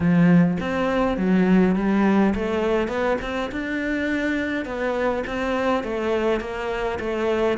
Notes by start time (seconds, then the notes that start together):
0.00 F3
0.60 C4
1.17 F#3
1.75 G3
2.34 A3
2.88 B3
3.21 C4
3.51 D4
4.65 B3
5.26 C4
5.83 A3
6.40 A#3
6.99 A3